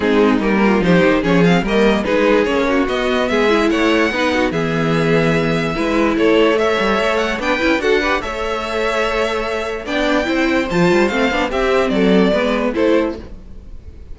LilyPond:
<<
  \new Staff \with { instrumentName = "violin" } { \time 4/4 \tempo 4 = 146 gis'4 ais'4 c''4 cis''8 f''8 | dis''4 b'4 cis''4 dis''4 | e''4 fis''2 e''4~ | e''2. cis''4 |
e''4. fis''8 g''4 fis''4 | e''1 | g''2 a''4 f''4 | e''4 d''2 c''4 | }
  \new Staff \with { instrumentName = "violin" } { \time 4/4 dis'4. f'8 g'4 gis'4 | ais'4 gis'4. fis'4. | gis'4 cis''4 b'8 fis'8 gis'4~ | gis'2 b'4 a'4 |
cis''2 b'4 a'8 b'8 | cis''1 | d''4 c''2. | g'4 a'4 b'4 a'4 | }
  \new Staff \with { instrumentName = "viola" } { \time 4/4 c'4 ais4 dis'4 cis'8 c'8 | ais4 dis'4 cis'4 b4~ | b8 e'4. dis'4 b4~ | b2 e'2 |
a'2 d'8 e'8 fis'8 g'8 | a'1 | d'4 e'4 f'4 c'8 d'8 | c'2 b4 e'4 | }
  \new Staff \with { instrumentName = "cello" } { \time 4/4 gis4 g4 f8 dis8 f4 | g4 gis4 ais4 b4 | gis4 a4 b4 e4~ | e2 gis4 a4~ |
a8 g8 a4 b8 cis'8 d'4 | a1 | b4 c'4 f8 g8 a8 b8 | c'4 fis4 gis4 a4 | }
>>